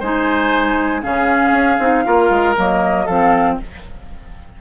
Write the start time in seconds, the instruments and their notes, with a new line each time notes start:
0.00 bassoon G#3, clarinet D#4, oboe C5, flute G#5
1.03 bassoon C#3, clarinet C#4, oboe G#4, flute F5
1.52 bassoon C#4
1.80 bassoon C4, clarinet D#4
2.05 bassoon A#3, clarinet F4, oboe A#4
2.30 bassoon G#3
2.56 bassoon F#3, clarinet A#3, flute D#5
3.06 bassoon F3, clarinet C4, oboe A4, flute F5